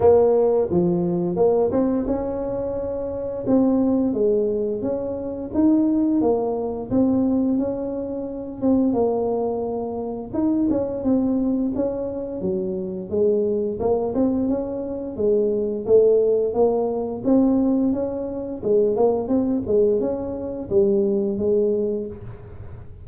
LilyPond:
\new Staff \with { instrumentName = "tuba" } { \time 4/4 \tempo 4 = 87 ais4 f4 ais8 c'8 cis'4~ | cis'4 c'4 gis4 cis'4 | dis'4 ais4 c'4 cis'4~ | cis'8 c'8 ais2 dis'8 cis'8 |
c'4 cis'4 fis4 gis4 | ais8 c'8 cis'4 gis4 a4 | ais4 c'4 cis'4 gis8 ais8 | c'8 gis8 cis'4 g4 gis4 | }